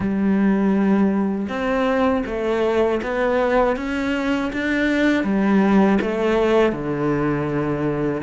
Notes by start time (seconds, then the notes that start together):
0.00 G3
1.49 C4
2.26 A3
3.02 B3
3.76 C#4
4.52 D4
5.23 G3
6.01 A3
6.72 D3